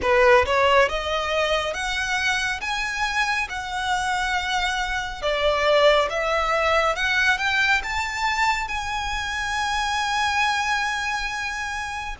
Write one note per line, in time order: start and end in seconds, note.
0.02 0.45 B4
0.45 0.89 C#5
0.89 1.73 D#5
1.73 2.60 F#5
2.60 3.47 G#5
3.49 5.22 F#5
5.22 6.09 D5
6.09 6.95 E5
6.95 7.38 F#5
7.38 7.81 G5
7.83 8.68 A5
8.68 12.15 G#5